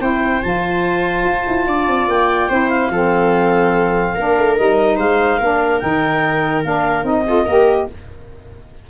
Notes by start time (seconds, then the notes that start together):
0.00 C4 E4 C5 G5
0.42 F3 F4 A5
1.24 F4
1.47 E4
1.67 D4 D5
1.87 C4
2.08 A#3 G5
2.49 C4 E4 C5
2.69 F5
2.89 F3 C4 A4
4.15 A#3 D4 A#4
4.38 A3
4.56 G3 D#4 D#5
4.97 G#3 C5 F5
5.38 A#3 D4 A#4
5.80 D#3 D#4 G5
6.63 A#3 D4 F5
7.03 C4 D#4 D#5
7.26 F4 A4
7.45 A#3 G4 A#4